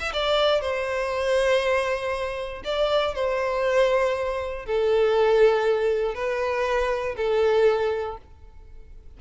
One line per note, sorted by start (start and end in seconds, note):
0.00 0.13 E5
0.13 0.61 D5
0.61 2.63 C5
2.64 3.15 D5
3.15 4.66 C5
4.66 6.15 A4
6.15 7.16 B4
7.17 8.17 A4